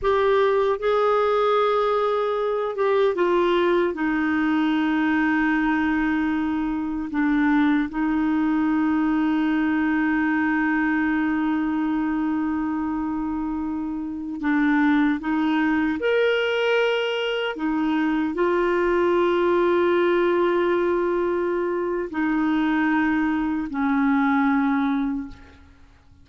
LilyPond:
\new Staff \with { instrumentName = "clarinet" } { \time 4/4 \tempo 4 = 76 g'4 gis'2~ gis'8 g'8 | f'4 dis'2.~ | dis'4 d'4 dis'2~ | dis'1~ |
dis'2~ dis'16 d'4 dis'8.~ | dis'16 ais'2 dis'4 f'8.~ | f'1 | dis'2 cis'2 | }